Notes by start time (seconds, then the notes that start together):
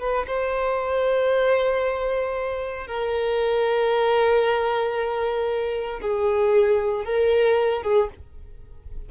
0.00 B4
0.27 C5
2.87 A#4
6.01 G#4
7.05 A#4
7.83 G#4